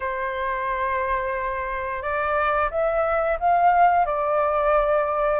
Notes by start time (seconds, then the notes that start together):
0.00 C5
2.02 D5
2.71 E5
3.39 F5
4.05 D5